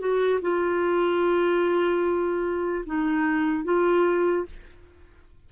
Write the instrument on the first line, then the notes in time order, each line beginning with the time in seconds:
clarinet
0.00 F#4
0.42 F4
2.86 D#4
3.65 F4